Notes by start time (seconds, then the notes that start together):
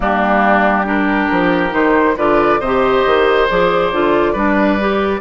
0.00 G3 A#3 D4 G4
0.84 D4 G4 A#4
1.30 F3
1.70 D#3 D#4 C5
2.16 D3 F4 B4 D5
2.59 C3 C5 D#5
2.66 G4
3.05 D#3
3.49 F3 G#4 D5
3.91 D3 F4
4.32 G3 D4 B4
4.79 G4